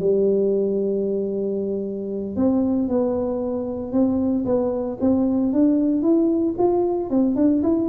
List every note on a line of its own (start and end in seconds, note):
0.00 2.36 G3
2.36 2.89 C4
2.89 3.92 B3
3.92 4.45 C4
4.45 4.98 B3
5.01 5.53 C4
5.53 6.02 D4
6.02 6.55 E4
6.58 7.10 F4
7.10 7.36 C4
7.36 7.62 D4
7.63 7.89 E4